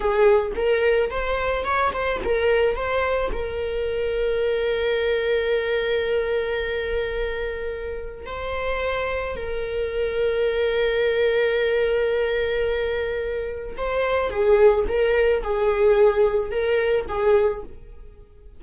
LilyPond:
\new Staff \with { instrumentName = "viola" } { \time 4/4 \tempo 4 = 109 gis'4 ais'4 c''4 cis''8 c''8 | ais'4 c''4 ais'2~ | ais'1~ | ais'2. c''4~ |
c''4 ais'2.~ | ais'1~ | ais'4 c''4 gis'4 ais'4 | gis'2 ais'4 gis'4 | }